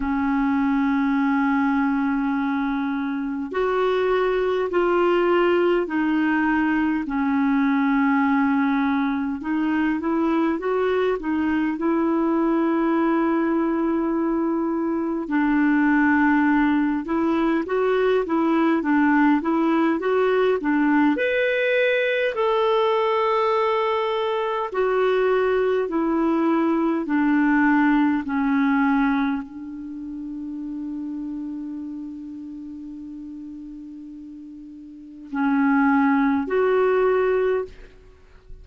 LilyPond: \new Staff \with { instrumentName = "clarinet" } { \time 4/4 \tempo 4 = 51 cis'2. fis'4 | f'4 dis'4 cis'2 | dis'8 e'8 fis'8 dis'8 e'2~ | e'4 d'4. e'8 fis'8 e'8 |
d'8 e'8 fis'8 d'8 b'4 a'4~ | a'4 fis'4 e'4 d'4 | cis'4 d'2.~ | d'2 cis'4 fis'4 | }